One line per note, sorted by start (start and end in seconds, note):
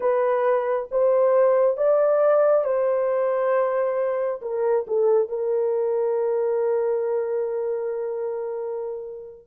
0.00 0.88 B4
0.91 1.76 C5
1.76 2.64 D5
2.64 4.40 C5
4.41 4.85 A#4
4.87 5.28 A4
5.28 9.47 A#4